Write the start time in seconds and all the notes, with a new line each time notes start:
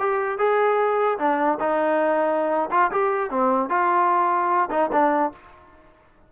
0.00 G4
0.39 G#4
1.19 D4
1.60 D#4
2.71 F4
2.92 G4
3.31 C4
3.70 F4
4.71 D#4
4.93 D4